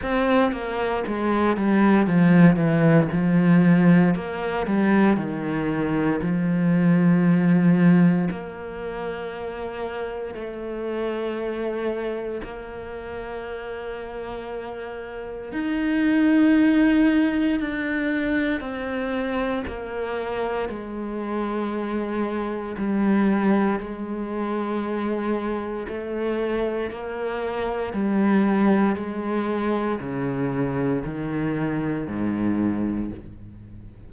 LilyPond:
\new Staff \with { instrumentName = "cello" } { \time 4/4 \tempo 4 = 58 c'8 ais8 gis8 g8 f8 e8 f4 | ais8 g8 dis4 f2 | ais2 a2 | ais2. dis'4~ |
dis'4 d'4 c'4 ais4 | gis2 g4 gis4~ | gis4 a4 ais4 g4 | gis4 cis4 dis4 gis,4 | }